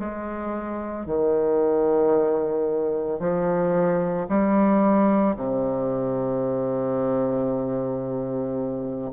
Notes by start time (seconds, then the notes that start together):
0.00 G#3
1.07 D#3
3.20 F3
4.29 G3
5.37 C3